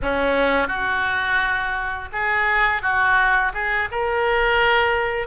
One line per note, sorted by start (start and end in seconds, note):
0.02 0.67 C#4
0.67 2.08 F#4
2.12 2.81 G#4
2.81 3.52 F#4
3.53 3.88 G#4
3.91 5.27 A#4